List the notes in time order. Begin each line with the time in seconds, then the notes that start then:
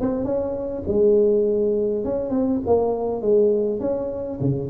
0.00 C4
0.24 C#4
0.87 G#3
2.04 C#4
2.30 C4
2.66 A#3
3.21 G#3
3.80 C#4
4.40 C#3